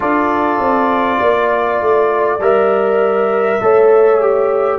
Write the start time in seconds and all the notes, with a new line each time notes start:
0.00 D4 F4 A4 D5
0.60 C4
1.19 A#3 D5
1.81 A3
2.39 G3 A#4 E5
3.61 A3 A4 C#5
4.21 G4